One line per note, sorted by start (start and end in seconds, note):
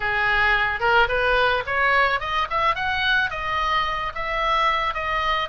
0.00 0.80 G#4
0.80 1.07 A#4
1.08 1.63 B4
1.66 2.19 C#5
2.19 2.47 D#5
2.49 2.75 E5
2.75 3.30 F#5
3.30 4.12 D#5
4.14 4.94 E5
4.94 5.48 D#5